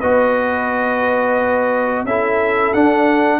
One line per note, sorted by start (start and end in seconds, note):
0.00 2.05 B3
0.00 2.07 F#4
0.00 2.05 B4
0.00 2.05 D#5
2.05 2.73 C#4
2.05 2.74 E4
2.05 3.39 A4
2.05 2.73 E5
2.73 3.39 D4
2.73 3.39 F#5